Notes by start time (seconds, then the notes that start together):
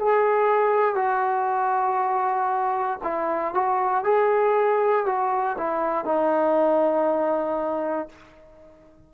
0.00 G#4
0.96 F#4
3.04 E4
3.55 F#4
4.04 G#4
5.06 F#4
5.58 E4
6.06 D#4